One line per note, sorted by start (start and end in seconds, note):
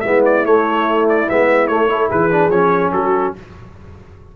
0.00 0.45 G#3
0.00 0.44 B3
0.00 1.90 E4
0.00 0.21 E5
0.25 0.45 D5
0.44 1.27 A3
0.44 1.07 C#5
1.08 1.29 D5
1.28 1.68 G#3
1.28 1.69 B3
1.28 1.67 E5
1.67 2.10 A3
1.67 1.88 A3
1.67 2.08 C#5
1.88 2.29 E4
1.88 2.09 A4
2.09 2.49 E3
2.09 2.92 G#4
2.09 2.50 B4
2.30 2.51 D4
2.49 2.90 F3
2.49 3.36 C#4
2.49 2.92 C#5
2.92 3.33 F#3
2.92 3.35 F#4
2.92 3.33 A4